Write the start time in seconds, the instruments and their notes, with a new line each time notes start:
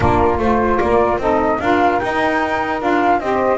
0.00 double bass A#3, saxophone D4 F4, flute A#4
0.39 double bass A3, saxophone F4, flute C5
0.79 double bass A#3, saxophone A#4, flute D5
1.18 double bass C4, saxophone D#4 A4, flute D#5
1.60 double bass D4, saxophone F4 A#4, flute F5
1.99 double bass D#4, saxophone D#4, flute G5
2.81 double bass D4, saxophone F4, flute F5
3.19 double bass C4, saxophone G4 C5, flute D#5